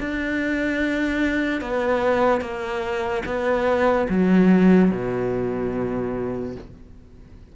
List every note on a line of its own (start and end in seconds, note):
0.00 1.61 D4
1.61 2.41 B3
2.41 3.23 A#3
3.25 4.07 B3
4.09 4.91 F#3
4.91 6.55 B2